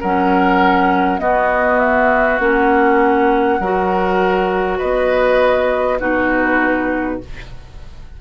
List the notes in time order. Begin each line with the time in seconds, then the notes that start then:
0.00 F#3 C#4 A#4 F#5
1.19 B3 F#4 D#5
1.79 E5
2.39 A#3 C#4 F#5
3.59 F#3 F#4 A#4
4.78 B3 B4 D#5
5.99 B2 D#4 F#4 B4